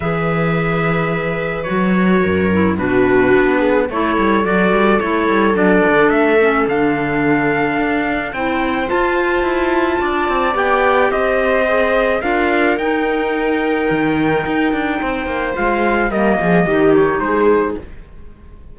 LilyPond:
<<
  \new Staff \with { instrumentName = "trumpet" } { \time 4/4 \tempo 4 = 108 e''2. cis''4~ | cis''4 b'2 cis''4 | d''4 cis''4 d''4 e''4 | f''2. g''4 |
a''2. g''4 | dis''2 f''4 g''4~ | g''1 | f''4 dis''4. cis''8 c''4 | }
  \new Staff \with { instrumentName = "viola" } { \time 4/4 b'1 | ais'4 fis'4. gis'8 a'4~ | a'1~ | a'2. c''4~ |
c''2 d''2 | c''2 ais'2~ | ais'2. c''4~ | c''4 ais'8 gis'8 g'4 gis'4 | }
  \new Staff \with { instrumentName = "clarinet" } { \time 4/4 gis'2. fis'4~ | fis'8 e'8 d'2 e'4 | fis'4 e'4 d'4. cis'8 | d'2. e'4 |
f'2. g'4~ | g'4 gis'4 f'4 dis'4~ | dis'1 | f'4 ais4 dis'2 | }
  \new Staff \with { instrumentName = "cello" } { \time 4/4 e2. fis4 | fis,4 b,4 b4 a8 g8 | fis8 g8 a8 g8 fis8 d8 a4 | d2 d'4 c'4 |
f'4 e'4 d'8 c'8 b4 | c'2 d'4 dis'4~ | dis'4 dis4 dis'8 d'8 c'8 ais8 | gis4 g8 f8 dis4 gis4 | }
>>